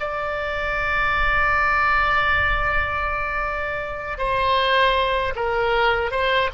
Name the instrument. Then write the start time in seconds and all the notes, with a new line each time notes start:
oboe
0.00 D5
4.18 C5
5.36 A#4
6.11 C5